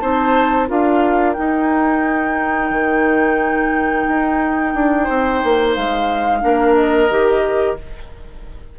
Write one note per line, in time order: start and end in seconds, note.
0.00 0.70 C4
0.00 0.68 D#4
0.00 0.69 C5
0.00 0.67 A5
0.68 1.37 D4
0.68 1.35 F4
0.68 5.04 A#4
0.68 1.33 F5
1.33 6.41 D#4
1.33 2.71 D#4
1.33 5.72 G5
2.71 4.05 D#3
4.08 4.75 D#4
4.75 5.08 D4
5.04 5.43 C4
5.04 6.39 C5
5.44 5.77 A#3
5.75 6.44 G#3
5.75 6.75 F5
6.41 7.10 A#3
6.41 7.08 D4
6.41 7.79 A#4
6.75 7.76 D#5
7.10 7.78 D#3
7.10 7.77 G4